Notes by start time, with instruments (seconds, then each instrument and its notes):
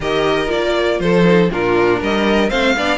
0.00 cello D#3, viola G4, violin A#4 D#5
0.47 cello A#3, viola F4, violin D5
0.99 cello F3, violin A4 C5
1.24 viola D#4
1.50 cello A#2, viola D4, violin F4 A#4
2.00 cello G3, violin A#4 D#5
2.49 cello A3, viola C4, violin C5 F5
2.76 cello B3, viola D4, violin D5